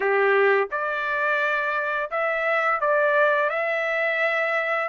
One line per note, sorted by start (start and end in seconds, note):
0.00 0.68 G4
0.71 2.10 D5
2.10 2.80 E5
2.80 3.49 D5
3.49 4.88 E5